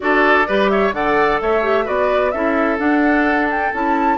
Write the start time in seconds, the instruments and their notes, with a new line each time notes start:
0.00 bassoon D4, clarinet F#4, oboe A4, flute D5
0.47 bassoon G3, clarinet G4, oboe B4
0.69 oboe C#5, flute E5
0.92 bassoon D3, clarinet A4, oboe D5, flute F#5
1.41 bassoon A3, oboe C#5, flute E5
1.62 clarinet G4
1.85 bassoon B3, clarinet F#4, oboe B4, flute D5
2.31 bassoon C#4, clarinet E4, oboe A4, flute E5
2.78 clarinet D4, bassoon D4, flute F#5
3.50 flute G5
3.73 bassoon C#4, clarinet E4, flute A5